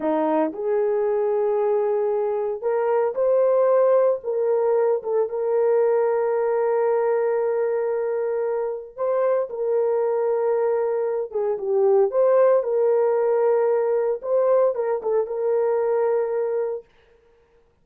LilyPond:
\new Staff \with { instrumentName = "horn" } { \time 4/4 \tempo 4 = 114 dis'4 gis'2.~ | gis'4 ais'4 c''2 | ais'4. a'8 ais'2~ | ais'1~ |
ais'4 c''4 ais'2~ | ais'4. gis'8 g'4 c''4 | ais'2. c''4 | ais'8 a'8 ais'2. | }